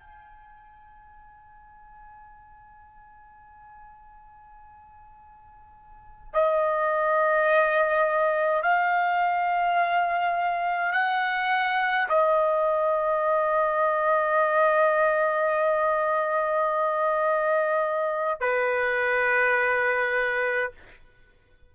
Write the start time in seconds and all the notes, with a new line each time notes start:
0.00 G#5
6.34 D#5
8.63 F5
10.92 F#5
12.09 D#5
18.41 B4